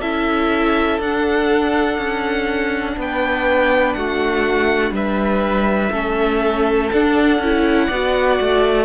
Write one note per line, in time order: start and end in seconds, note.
0.00 0.99 C#4
0.00 1.01 E4
0.00 2.95 A4
0.00 0.99 E5
0.99 1.98 D4
0.99 2.99 F#5
1.06 5.92 D4
1.98 2.96 C#4
2.97 3.95 B3
2.97 3.97 B4
2.97 3.94 G5
3.94 4.91 A3
3.94 4.94 F#4
3.94 4.92 F#5
4.91 5.89 G3
4.91 5.92 B4
4.91 6.92 E5
5.92 6.90 A3
5.92 6.90 C#4
5.92 7.86 A4
6.92 7.42 D4
6.92 7.39 D4
6.92 8.85 F#5
7.39 7.88 C#4
7.39 7.92 E4
7.86 8.39 B3
7.86 8.84 D5
7.93 8.85 F#4
8.40 8.85 A3